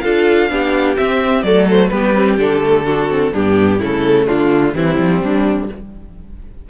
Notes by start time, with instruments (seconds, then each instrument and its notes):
0.00 cello D4, viola F4, violin A4 F5
0.50 cello B3, viola D4, violin G4
0.96 viola C4, cello C4, violin E5
1.43 cello F#3, viola A3, violin A4 D5
1.71 violin C5
1.88 cello G3, viola B3, violin G4 B4
2.14 viola C4
2.38 cello D3, viola D4, violin A4
2.60 viola A3
2.86 viola D4, violin F#4
3.09 viola C4
3.33 cello G2, viola B3, violin D4 G4
3.79 cello C#3, viola A3, violin E4 A4
4.26 cello D3, violin D4 F4
4.74 cello E3, viola G3, violin C4 E4
4.99 cello F3
5.22 cello G3, violin D4